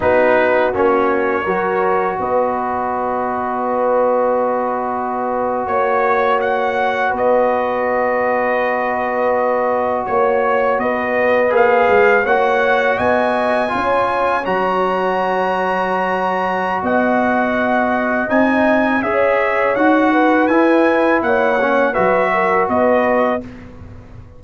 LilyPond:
<<
  \new Staff \with { instrumentName = "trumpet" } { \time 4/4 \tempo 4 = 82 b'4 cis''2 dis''4~ | dis''2.~ dis''8. cis''16~ | cis''8. fis''4 dis''2~ dis''16~ | dis''4.~ dis''16 cis''4 dis''4 f''16~ |
f''8. fis''4 gis''2 ais''16~ | ais''2. fis''4~ | fis''4 gis''4 e''4 fis''4 | gis''4 fis''4 e''4 dis''4 | }
  \new Staff \with { instrumentName = "horn" } { \time 4/4 fis'2 ais'4 b'4~ | b'2.~ b'8. cis''16~ | cis''4.~ cis''16 b'2~ b'16~ | b'4.~ b'16 cis''4 b'4~ b'16~ |
b'8. cis''4 dis''4 cis''4~ cis''16~ | cis''2. dis''4~ | dis''2 cis''4. b'8~ | b'4 cis''4 b'8 ais'8 b'4 | }
  \new Staff \with { instrumentName = "trombone" } { \time 4/4 dis'4 cis'4 fis'2~ | fis'1~ | fis'1~ | fis'2.~ fis'8. gis'16~ |
gis'8. fis'2 f'4 fis'16~ | fis'1~ | fis'4 dis'4 gis'4 fis'4 | e'4. cis'8 fis'2 | }
  \new Staff \with { instrumentName = "tuba" } { \time 4/4 b4 ais4 fis4 b4~ | b2.~ b8. ais16~ | ais4.~ ais16 b2~ b16~ | b4.~ b16 ais4 b4 ais16~ |
ais16 gis8 ais4 b4 cis'4 fis16~ | fis2. b4~ | b4 c'4 cis'4 dis'4 | e'4 ais4 fis4 b4 | }
>>